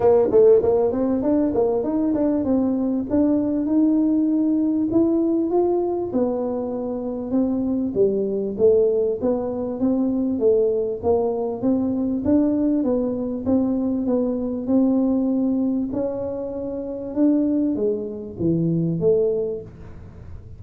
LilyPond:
\new Staff \with { instrumentName = "tuba" } { \time 4/4 \tempo 4 = 98 ais8 a8 ais8 c'8 d'8 ais8 dis'8 d'8 | c'4 d'4 dis'2 | e'4 f'4 b2 | c'4 g4 a4 b4 |
c'4 a4 ais4 c'4 | d'4 b4 c'4 b4 | c'2 cis'2 | d'4 gis4 e4 a4 | }